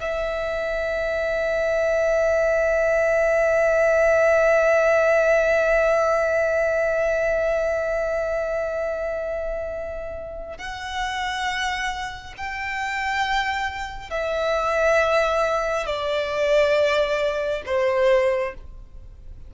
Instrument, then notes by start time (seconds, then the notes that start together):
violin
0.00 E5
10.58 F#5
12.37 G5
14.10 E5
15.85 D5
17.66 C5